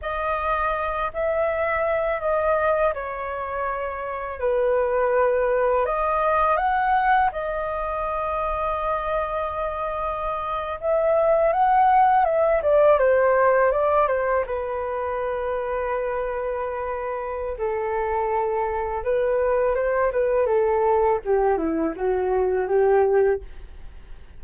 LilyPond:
\new Staff \with { instrumentName = "flute" } { \time 4/4 \tempo 4 = 82 dis''4. e''4. dis''4 | cis''2 b'2 | dis''4 fis''4 dis''2~ | dis''2~ dis''8. e''4 fis''16~ |
fis''8. e''8 d''8 c''4 d''8 c''8 b'16~ | b'1 | a'2 b'4 c''8 b'8 | a'4 g'8 e'8 fis'4 g'4 | }